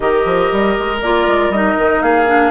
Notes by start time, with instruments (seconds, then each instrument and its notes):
0.00 bassoon D#3, clarinet G4, oboe A#4, flute D#5
0.25 bassoon F3
0.51 bassoon G3
0.79 bassoon G#3
1.01 bassoon A#3, clarinet F4, flute D5
1.27 bassoon G#3
1.49 bassoon G3, clarinet D#4, flute D#5
1.78 bassoon D#3
2.01 bassoon A#3, oboe G#4, flute F5
2.26 clarinet D4